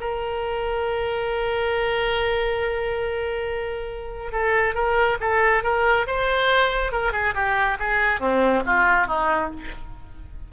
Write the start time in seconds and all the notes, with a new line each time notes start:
0.00 A#4
4.32 A4
4.74 A#4
5.20 A4
5.63 A#4
6.06 C5
6.92 A#4
7.12 G#4
7.34 G4
7.79 G#4
8.20 C4
8.65 F4
9.07 D#4